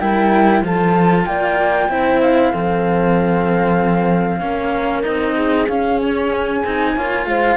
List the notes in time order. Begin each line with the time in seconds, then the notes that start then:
0.00 G3 E4 A#4 G5
0.63 F3 F4 A4 A5
1.26 A#3 D5 G5
1.89 C4 E4 C5
2.22 F5
2.51 F3 C4 A4
4.41 A#3 C#4 A#4
5.03 C4 D#4 D#5
5.36 G#4
5.69 C#4 F5
6.01 C#5
6.32 G#5
6.64 C4 D#4
6.94 A#3 F4 C#5
7.27 G#3 C5 F5